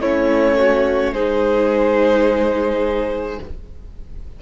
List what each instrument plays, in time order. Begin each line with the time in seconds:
0.00 cello A3, viola C#4, violin E4 C#5
0.58 violin F#4
1.13 cello G#3, viola D#4, violin G#4 C5